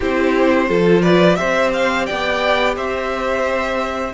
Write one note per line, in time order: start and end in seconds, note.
0.00 0.69 C4
0.00 0.69 E4
0.00 0.67 G4
0.00 1.02 C5
0.68 1.38 F3
0.68 1.35 F4
0.68 1.02 A4
1.02 1.36 B4
1.02 1.35 D5
1.35 2.09 C4
1.35 4.11 G4
1.35 2.06 C5
1.35 1.70 E5
1.73 2.05 F5
2.05 2.76 B3
2.05 2.75 D5
2.05 2.74 G5
2.75 4.13 C4
2.75 4.13 C5
2.75 4.13 E5